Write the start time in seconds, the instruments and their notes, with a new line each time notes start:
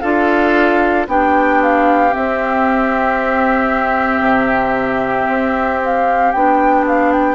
0.00 bassoon D4, clarinet F4, oboe A4, flute F5
1.07 bassoon B3, clarinet D4, oboe G4, flute G5
1.62 flute F5
2.11 clarinet C4, bassoon C4, flute E5
4.20 bassoon C3
5.28 bassoon C4
5.84 flute F5
6.32 bassoon B3, clarinet D4, flute G5
6.87 flute F5
7.12 flute G5